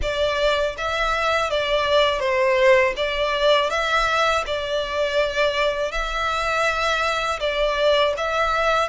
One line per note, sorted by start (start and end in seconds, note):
0.02 0.76 D5
0.77 1.50 E5
1.50 2.19 D5
2.19 2.93 C5
2.96 3.70 D5
3.70 4.44 E5
4.46 5.91 D5
5.91 7.39 E5
7.40 8.14 D5
8.17 8.88 E5